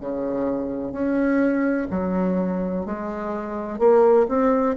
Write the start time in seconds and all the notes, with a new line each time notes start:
0.00 C#3
0.92 C#4
1.90 F#3
2.85 G#3
3.78 A#3
4.28 C4